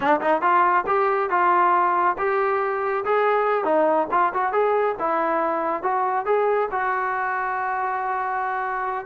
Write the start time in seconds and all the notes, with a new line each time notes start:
0.00 D4
0.21 D#4
0.41 F4
0.86 G4
1.29 F4
2.18 G4
3.04 G#4
3.64 D#4
4.11 F4
4.33 F#4
4.52 G#4
4.99 E4
5.82 F#4
6.25 G#4
6.71 F#4